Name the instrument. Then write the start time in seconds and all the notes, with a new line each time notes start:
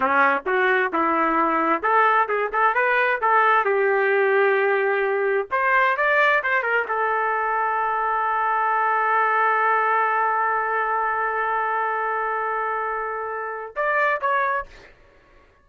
trumpet
0.00 C#4
0.46 F#4
0.93 E4
1.82 A4
2.28 G#4
2.52 A4
2.74 B4
3.21 A4
3.65 G4
5.51 C5
5.96 D5
6.43 C5
6.62 A#4
6.88 A4
13.76 D5
14.20 C#5